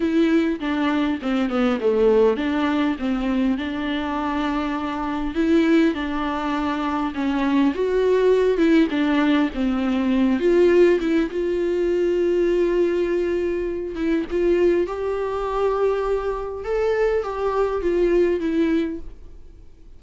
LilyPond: \new Staff \with { instrumentName = "viola" } { \time 4/4 \tempo 4 = 101 e'4 d'4 c'8 b8 a4 | d'4 c'4 d'2~ | d'4 e'4 d'2 | cis'4 fis'4. e'8 d'4 |
c'4. f'4 e'8 f'4~ | f'2.~ f'8 e'8 | f'4 g'2. | a'4 g'4 f'4 e'4 | }